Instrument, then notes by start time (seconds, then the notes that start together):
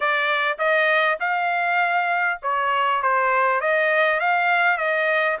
trumpet
0.00 D5
0.58 D#5
1.19 F5
2.42 C#5
3.02 C5
3.60 D#5
4.20 F5
4.77 D#5